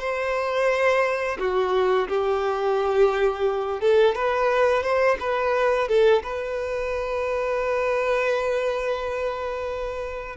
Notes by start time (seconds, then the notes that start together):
0.00 C5
1.39 F#4
2.08 G4
3.81 A4
4.15 B4
4.83 C5
5.20 B4
5.88 A4
6.23 B4